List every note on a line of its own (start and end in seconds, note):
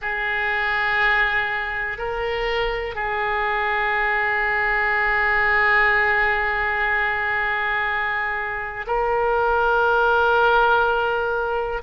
0.01 1.98 G#4
1.98 2.95 A#4
2.95 8.85 G#4
8.87 11.82 A#4